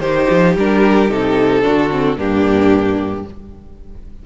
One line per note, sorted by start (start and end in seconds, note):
0.00 0.27 D#3
0.00 0.57 D#4
0.00 1.62 G4
0.00 0.54 C5
0.30 0.56 F3
0.56 1.09 G3
0.56 1.10 D4
0.56 1.11 A#4
1.09 1.63 C3
1.09 1.63 D#4
1.09 2.18 A4
1.63 2.18 D3
1.63 1.90 D4
1.63 2.18 F#4
1.91 2.17 C4
2.17 3.25 G2
2.17 3.24 A#3
2.17 3.25 D4
2.17 3.26 G4